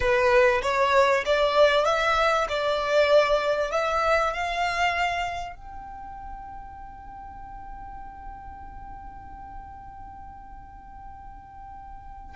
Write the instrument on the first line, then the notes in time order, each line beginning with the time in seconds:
violin
0.00 B4
0.62 C#5
1.25 D5
1.85 E5
2.49 D5
3.71 E5
4.33 F5
5.55 G5